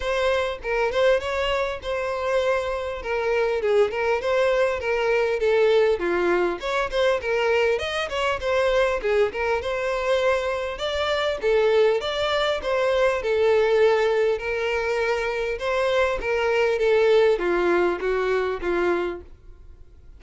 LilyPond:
\new Staff \with { instrumentName = "violin" } { \time 4/4 \tempo 4 = 100 c''4 ais'8 c''8 cis''4 c''4~ | c''4 ais'4 gis'8 ais'8 c''4 | ais'4 a'4 f'4 cis''8 c''8 | ais'4 dis''8 cis''8 c''4 gis'8 ais'8 |
c''2 d''4 a'4 | d''4 c''4 a'2 | ais'2 c''4 ais'4 | a'4 f'4 fis'4 f'4 | }